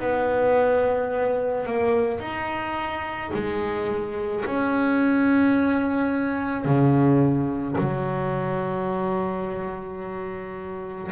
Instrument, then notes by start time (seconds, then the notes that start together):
double bass
0.00 B3
1.66 A#3
2.20 D#4
3.34 G#3
4.45 C#4
6.65 C#3
7.78 F#3